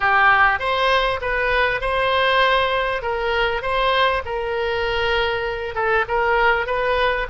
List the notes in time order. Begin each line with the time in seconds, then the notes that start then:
0.00 G4
0.59 C5
1.21 B4
1.80 C5
3.02 A#4
3.61 C5
4.25 A#4
5.74 A4
6.08 A#4
6.66 B4